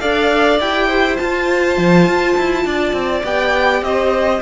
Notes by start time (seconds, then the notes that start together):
0.00 D4 A4 D5 F5
0.59 E4 G4 G5
0.87 C5
1.17 F4 A5
1.78 F3
2.06 F4
2.37 E4
2.65 D4 D5
2.93 C4
3.23 B3 G4 G5
3.82 C4 C5 D#5